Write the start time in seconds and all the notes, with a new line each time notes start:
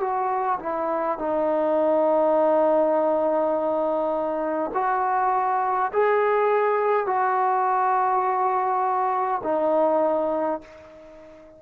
0.00 F#4
0.59 E4
1.18 D#4
4.74 F#4
5.93 G#4
7.06 F#4
9.43 D#4